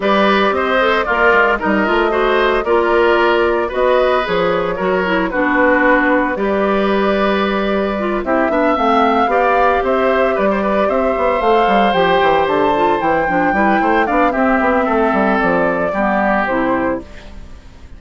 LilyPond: <<
  \new Staff \with { instrumentName = "flute" } { \time 4/4 \tempo 4 = 113 d''4 dis''4 d''4 dis''4~ | dis''4 d''2 dis''4 | cis''2 b'2 | d''2.~ d''8 e''8~ |
e''8 f''2 e''4 d''8~ | d''8 e''4 f''4 g''4 a''8~ | a''8 g''2 f''8 e''4~ | e''4 d''2 c''4 | }
  \new Staff \with { instrumentName = "oboe" } { \time 4/4 b'4 c''4 f'4 ais'4 | c''4 ais'2 b'4~ | b'4 ais'4 fis'2 | b'2.~ b'8 g'8 |
e''4. d''4 c''4 b'16 c''16 | b'8 c''2.~ c''8~ | c''4. b'8 c''8 d''8 g'4 | a'2 g'2 | }
  \new Staff \with { instrumentName = "clarinet" } { \time 4/4 g'4. a'8 ais'4 dis'8 f'8 | fis'4 f'2 fis'4 | gis'4 fis'8 e'8 d'2 | g'2. f'8 e'8 |
d'8 c'4 g'2~ g'8~ | g'4. a'4 g'4. | f'8 e'8 d'8 e'4 d'8 c'4~ | c'2 b4 e'4 | }
  \new Staff \with { instrumentName = "bassoon" } { \time 4/4 g4 c'4 ais8 gis8 g8 a8~ | a4 ais2 b4 | f4 fis4 b2 | g2.~ g8 c'8 |
b8 a4 b4 c'4 g8~ | g8 c'8 b8 a8 g8 f8 e8 d8~ | d8 e8 f8 g8 a8 b8 c'8 b8 | a8 g8 f4 g4 c4 | }
>>